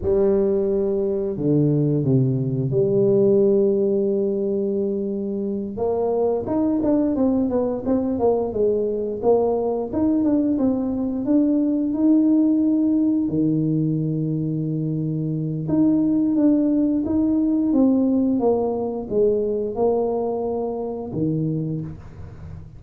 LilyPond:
\new Staff \with { instrumentName = "tuba" } { \time 4/4 \tempo 4 = 88 g2 d4 c4 | g1~ | g8 ais4 dis'8 d'8 c'8 b8 c'8 | ais8 gis4 ais4 dis'8 d'8 c'8~ |
c'8 d'4 dis'2 dis8~ | dis2. dis'4 | d'4 dis'4 c'4 ais4 | gis4 ais2 dis4 | }